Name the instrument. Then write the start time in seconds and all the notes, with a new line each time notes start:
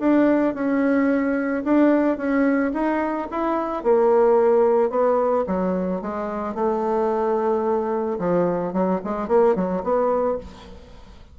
bassoon
0.00 D4
0.55 C#4
1.65 D4
2.18 C#4
2.74 D#4
3.31 E4
3.84 A#3
4.90 B3
5.47 F#3
6.02 G#3
6.55 A3
8.19 F3
8.74 F#3
9.05 G#3
9.29 A#3
9.56 F#3
9.84 B3